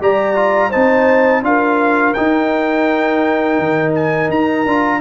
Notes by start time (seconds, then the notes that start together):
0.00 G3 G4 D5 A#5
0.36 F4
0.70 C4 D#4 C5 A5
1.43 D4 F4 A#4 F5
2.14 D#4 G5
3.59 D#3
3.95 G#5
4.30 D#4 A#5
4.66 D4 F4